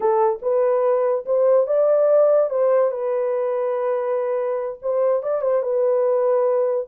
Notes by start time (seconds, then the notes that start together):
0.00 A4
0.41 B4
1.25 C5
1.66 D5
2.50 C5
2.91 B4
4.81 C5
5.23 D5
5.41 C5
5.62 B4